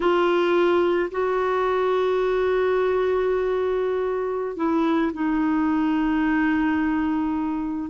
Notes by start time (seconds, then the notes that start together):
0.00 F4
1.11 F#4
4.56 E4
5.13 D#4